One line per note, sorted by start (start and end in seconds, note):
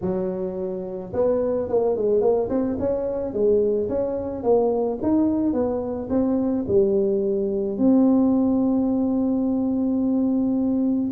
0.01 1.12 F#3
1.13 1.68 B3
1.68 1.96 A#3
1.96 2.21 G#3
2.21 2.48 A#3
2.49 2.77 C4
2.79 3.33 C#4
3.33 3.88 G#3
3.88 4.43 C#4
4.43 4.98 A#3
5.02 5.53 D#4
5.53 6.08 B3
6.09 6.65 C4
6.67 7.78 G3
7.78 11.11 C4